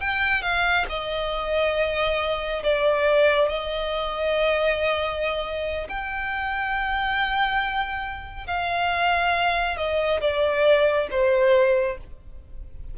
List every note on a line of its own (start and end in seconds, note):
0.00 0.42 G5
0.42 0.85 F5
0.89 2.63 D#5
2.63 3.48 D5
3.48 5.87 D#5
5.89 8.47 G5
8.47 9.77 F5
9.77 10.21 D#5
10.21 11.08 D5
11.11 11.98 C5